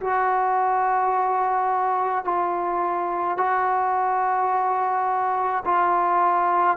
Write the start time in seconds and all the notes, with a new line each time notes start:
0.00 F#4
2.24 F4
3.37 F#4
5.64 F4